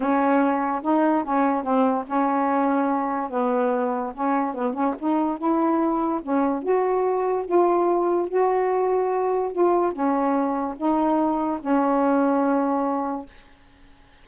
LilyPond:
\new Staff \with { instrumentName = "saxophone" } { \time 4/4 \tempo 4 = 145 cis'2 dis'4 cis'4 | c'4 cis'2. | b2 cis'4 b8 cis'8 | dis'4 e'2 cis'4 |
fis'2 f'2 | fis'2. f'4 | cis'2 dis'2 | cis'1 | }